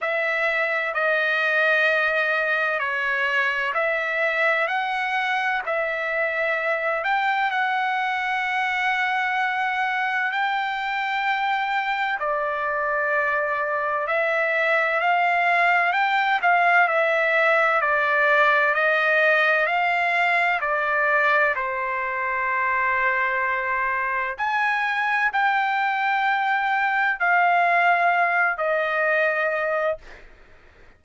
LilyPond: \new Staff \with { instrumentName = "trumpet" } { \time 4/4 \tempo 4 = 64 e''4 dis''2 cis''4 | e''4 fis''4 e''4. g''8 | fis''2. g''4~ | g''4 d''2 e''4 |
f''4 g''8 f''8 e''4 d''4 | dis''4 f''4 d''4 c''4~ | c''2 gis''4 g''4~ | g''4 f''4. dis''4. | }